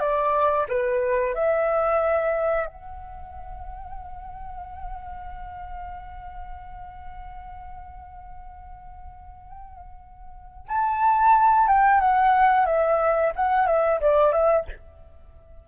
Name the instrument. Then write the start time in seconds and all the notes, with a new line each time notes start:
flute
0.00 D5
0.69 B4
1.35 E5
2.66 F#5
10.68 A5
11.68 G5
12.01 F#5
12.66 E5
13.36 F#5
13.67 E5
14.01 D5
14.32 E5